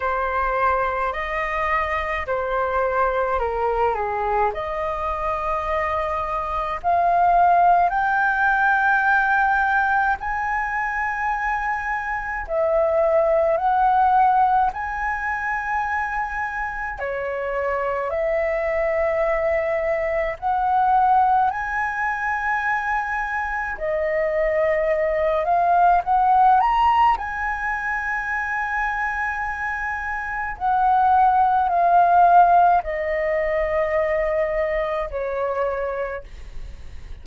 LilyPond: \new Staff \with { instrumentName = "flute" } { \time 4/4 \tempo 4 = 53 c''4 dis''4 c''4 ais'8 gis'8 | dis''2 f''4 g''4~ | g''4 gis''2 e''4 | fis''4 gis''2 cis''4 |
e''2 fis''4 gis''4~ | gis''4 dis''4. f''8 fis''8 ais''8 | gis''2. fis''4 | f''4 dis''2 cis''4 | }